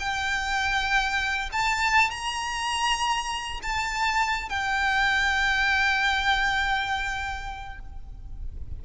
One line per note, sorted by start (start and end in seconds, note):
0.00 1.50 G5
1.53 2.11 A5
2.11 3.61 A#5
3.63 4.49 A5
4.49 7.79 G5